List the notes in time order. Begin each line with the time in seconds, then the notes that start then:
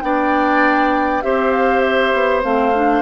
0.00 B3 D4 D5 G5
1.22 C4 G4 C5 E5
1.52 F5
1.80 E5
2.13 B3
2.42 A3 C4 F5
2.74 D4